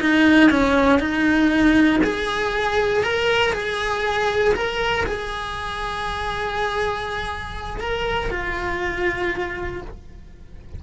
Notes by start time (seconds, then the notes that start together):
0.00 D#4
0.50 C#4
0.99 D#4
2.03 G#4
3.03 A#4
3.52 G#4
4.54 A#4
5.06 G#4
7.80 A#4
8.30 F4